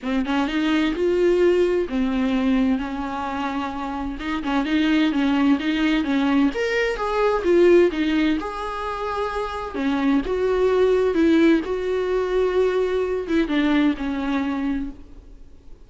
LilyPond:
\new Staff \with { instrumentName = "viola" } { \time 4/4 \tempo 4 = 129 c'8 cis'8 dis'4 f'2 | c'2 cis'2~ | cis'4 dis'8 cis'8 dis'4 cis'4 | dis'4 cis'4 ais'4 gis'4 |
f'4 dis'4 gis'2~ | gis'4 cis'4 fis'2 | e'4 fis'2.~ | fis'8 e'8 d'4 cis'2 | }